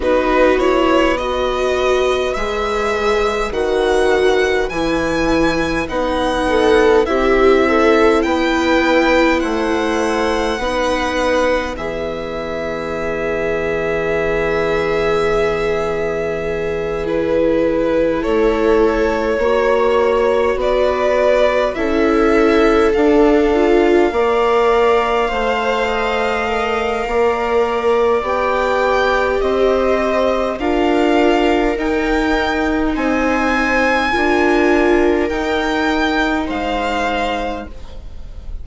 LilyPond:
<<
  \new Staff \with { instrumentName = "violin" } { \time 4/4 \tempo 4 = 51 b'8 cis''8 dis''4 e''4 fis''4 | gis''4 fis''4 e''4 g''4 | fis''2 e''2~ | e''2~ e''8 b'4 cis''8~ |
cis''4. d''4 e''4 f''8~ | f''1 | g''4 dis''4 f''4 g''4 | gis''2 g''4 f''4 | }
  \new Staff \with { instrumentName = "viola" } { \time 4/4 fis'4 b'2.~ | b'4. a'8 g'8 a'8 b'4 | c''4 b'4 gis'2~ | gis'2.~ gis'8 a'8~ |
a'8 cis''4 b'4 a'4.~ | a'8 d''4 c''8 dis''4 d''4~ | d''4 c''4 ais'2 | c''4 ais'2 c''4 | }
  \new Staff \with { instrumentName = "viola" } { \time 4/4 dis'8 e'8 fis'4 gis'4 fis'4 | e'4 dis'4 e'2~ | e'4 dis'4 b2~ | b2~ b8 e'4.~ |
e'8 fis'2 e'4 d'8 | f'8 ais'4 c''4 ais'4. | g'2 f'4 dis'4~ | dis'4 f'4 dis'2 | }
  \new Staff \with { instrumentName = "bassoon" } { \time 4/4 b2 gis4 dis4 | e4 b4 c'4 b4 | a4 b4 e2~ | e2.~ e8 a8~ |
a8 ais4 b4 cis'4 d'8~ | d'8 ais4 a4. ais4 | b4 c'4 d'4 dis'4 | c'4 d'4 dis'4 gis4 | }
>>